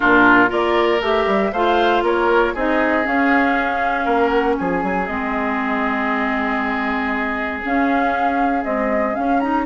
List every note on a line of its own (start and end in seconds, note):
0.00 0.51 A#2
0.00 0.47 D4
0.00 0.49 F4
0.00 0.50 A#4
0.47 1.01 A#3
0.47 0.98 F4
0.47 1.51 A#4
0.47 1.02 D5
1.01 1.26 A3
1.01 1.52 G4
1.01 1.52 E5
1.26 1.52 G3
1.52 2.02 A3
1.52 2.56 F4
1.52 2.03 C5
1.52 2.03 F5
2.02 2.53 A#3
2.02 2.54 A#4
2.02 2.56 C#5
2.54 3.06 C4
2.54 3.03 D#4
2.54 4.04 G#4
2.54 3.06 D#5
3.03 5.06 C#4
3.03 4.06 C#4
3.03 4.28 F5
4.04 4.57 A#3
4.04 4.55 A#4
4.28 4.54 F#5
4.58 4.83 F3
4.58 9.65 G#4
4.58 5.05 G#5
4.83 5.08 F#3
5.05 7.62 G#3
5.05 7.62 C4
5.05 7.60 D#5
7.62 8.64 C#4
7.62 8.64 F5
8.64 9.14 G#3
8.64 9.15 C4
8.64 9.14 D#5
9.14 9.39 C#4
9.14 9.65 C#4
9.14 9.40 F5
9.40 9.65 D#4
9.40 9.65 A#5